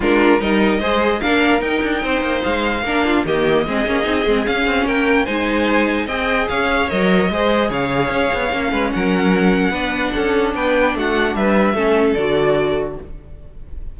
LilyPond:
<<
  \new Staff \with { instrumentName = "violin" } { \time 4/4 \tempo 4 = 148 ais'4 dis''2 f''4 | g''2 f''2 | dis''2. f''4 | g''4 gis''2 g''4 |
f''4 dis''2 f''4~ | f''2 fis''2~ | fis''2 g''4 fis''4 | e''2 d''2 | }
  \new Staff \with { instrumentName = "violin" } { \time 4/4 f'4 ais'4 c''4 ais'4~ | ais'4 c''2 ais'8 f'8 | g'4 gis'2. | ais'4 c''2 dis''4 |
cis''2 c''4 cis''4~ | cis''4. b'8 ais'2 | b'4 a'4 b'4 fis'4 | b'4 a'2. | }
  \new Staff \with { instrumentName = "viola" } { \time 4/4 d'4 dis'4 gis'4 d'4 | dis'2. d'4 | ais4 c'8 cis'8 dis'8 c'8 cis'4~ | cis'4 dis'2 gis'4~ |
gis'4 ais'4 gis'2~ | gis'4 cis'2. | d'1~ | d'4 cis'4 fis'2 | }
  \new Staff \with { instrumentName = "cello" } { \time 4/4 gis4 g4 gis4 ais4 | dis'8 d'8 c'8 ais8 gis4 ais4 | dis4 gis8 ais8 c'8 gis8 cis'8 c'8 | ais4 gis2 c'4 |
cis'4 fis4 gis4 cis4 | cis'8 b8 ais8 gis8 fis2 | b4 cis'4 b4 a4 | g4 a4 d2 | }
>>